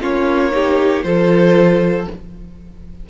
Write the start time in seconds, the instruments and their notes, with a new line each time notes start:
0.00 cello A#3, viola C#4, violin F4 C#5
0.51 viola D#4, violin G4
1.03 cello F3, viola F4, violin A4 C5